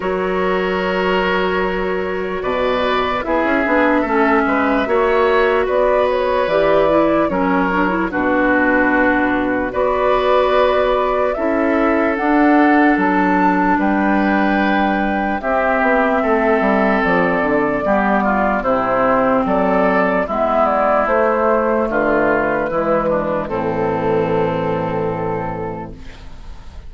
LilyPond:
<<
  \new Staff \with { instrumentName = "flute" } { \time 4/4 \tempo 4 = 74 cis''2. d''4 | e''2. d''8 cis''8 | d''4 cis''4 b'2 | d''2 e''4 fis''4 |
a''4 g''2 e''4~ | e''4 d''2 c''4 | d''4 e''8 d''8 c''4 b'4~ | b'4 a'2. | }
  \new Staff \with { instrumentName = "oboe" } { \time 4/4 ais'2. b'4 | gis'4 a'8 b'8 cis''4 b'4~ | b'4 ais'4 fis'2 | b'2 a'2~ |
a'4 b'2 g'4 | a'2 g'8 f'8 e'4 | a'4 e'2 f'4 | e'8 d'8 c'2. | }
  \new Staff \with { instrumentName = "clarinet" } { \time 4/4 fis'1 | e'8 d'8 cis'4 fis'2 | g'8 e'8 cis'8 d'16 e'16 d'2 | fis'2 e'4 d'4~ |
d'2. c'4~ | c'2 b4 c'4~ | c'4 b4 a2 | gis4 e2. | }
  \new Staff \with { instrumentName = "bassoon" } { \time 4/4 fis2. b,4 | b16 cis'16 b8 a8 gis8 ais4 b4 | e4 fis4 b,2 | b2 cis'4 d'4 |
fis4 g2 c'8 b8 | a8 g8 f8 d8 g4 c4 | fis4 gis4 a4 d4 | e4 a,2. | }
>>